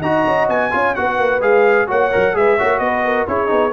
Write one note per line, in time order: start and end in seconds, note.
0.00 0.25 D#4
0.00 0.71 F#4
0.00 0.70 D#5
0.00 0.48 A#5
0.26 0.49 C#4
0.49 0.72 B3
0.49 0.95 G#5
0.71 0.97 C#4
0.71 0.94 F4
0.71 0.95 C#5
0.95 1.18 B3
0.95 1.41 F#4
0.95 1.88 B4
0.95 1.41 F#5
1.18 1.41 A#3
1.41 1.87 G#3
1.41 1.87 G#4
1.41 1.89 F5
1.87 2.14 A#3
1.87 2.11 F#4
1.87 2.34 C#5
1.87 2.37 F#5
2.12 2.35 F#3
2.12 2.34 A#4
2.34 2.58 G#3
2.34 2.57 G#4
2.34 2.58 B4
2.34 2.79 E5
2.58 2.80 A#3
2.58 3.28 F#4
2.58 2.81 C#5
2.79 3.26 B3
2.79 3.06 B4
2.79 3.25 D#5
3.06 3.28 A#4
3.28 3.51 C#4
3.28 3.47 E4
3.28 3.73 G#4
3.28 3.73 C#5
3.47 3.73 B3
3.47 3.70 D#4